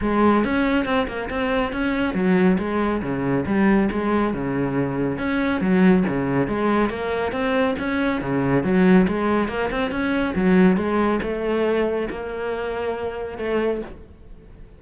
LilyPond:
\new Staff \with { instrumentName = "cello" } { \time 4/4 \tempo 4 = 139 gis4 cis'4 c'8 ais8 c'4 | cis'4 fis4 gis4 cis4 | g4 gis4 cis2 | cis'4 fis4 cis4 gis4 |
ais4 c'4 cis'4 cis4 | fis4 gis4 ais8 c'8 cis'4 | fis4 gis4 a2 | ais2. a4 | }